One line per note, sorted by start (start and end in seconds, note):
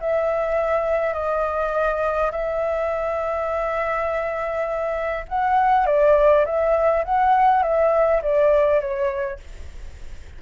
0.00 1.13 E5
1.13 2.31 D#5
2.32 5.26 E5
5.28 5.86 F#5
5.86 6.45 D5
6.45 7.04 E5
7.05 7.63 F#5
7.63 8.21 E5
8.22 8.81 D5
8.81 9.40 C#5